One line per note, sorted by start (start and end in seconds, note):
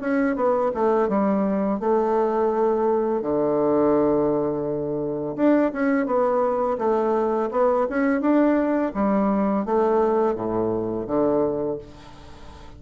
0.00 0.35 C#4
0.35 0.71 B3
0.74 1.08 A3
1.08 1.80 G3
1.80 3.21 A3
3.21 5.36 D3
5.36 5.72 D4
5.72 6.06 C#4
6.06 6.77 B3
6.78 7.50 A3
7.51 7.87 B3
7.89 8.21 C#4
8.21 8.92 D4
8.94 9.65 G3
9.65 10.35 A3
10.35 11.06 A2
11.07 11.78 D3